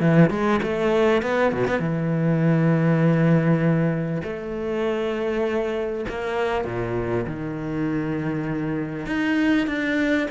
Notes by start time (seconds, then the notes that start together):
0.00 E3
0.30 G#3
0.63 A3
1.22 B3
1.52 B2
1.67 B3
1.79 E3
4.23 A3
6.08 A#3
6.64 A#2
7.26 D#3
9.06 D#4
9.67 D4